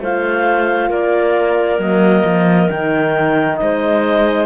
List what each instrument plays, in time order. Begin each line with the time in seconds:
0.00 cello A3, horn F4, clarinet C5 F5
0.89 cello A#3, clarinet A#4 D5
1.79 cello F#3, horn A#3, clarinet D#5
2.24 cello F3
2.69 cello D#3, horn D#4, clarinet G5
3.57 cello G#3, clarinet C5 D#5